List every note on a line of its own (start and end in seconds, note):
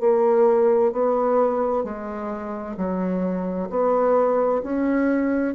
0.00 0.92 A#3
0.92 1.84 B3
1.84 2.76 G#3
2.77 3.69 F#3
3.70 4.62 B3
4.63 5.55 C#4